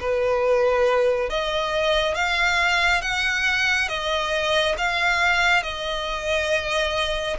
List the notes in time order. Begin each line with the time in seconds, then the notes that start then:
0.00 B4
1.29 D#5
2.15 F5
3.02 F#5
3.88 D#5
4.77 F5
5.63 D#5